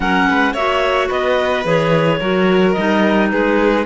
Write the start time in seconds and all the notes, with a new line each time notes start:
0.00 F#3 C#4 A#4 F#5
0.29 G#3 B4
0.53 A#3 F#4 C#5 E5
1.07 B3 B4 D#5
1.64 E3 G#4 C#5
2.19 F#3 F#4 A#4
2.72 G3 D#4 D#5
3.31 G#3 G#4 B4